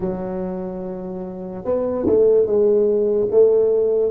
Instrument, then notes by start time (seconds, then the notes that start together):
tuba
0.00 F#3
1.64 B3
2.06 A3
2.45 G#3
3.30 A3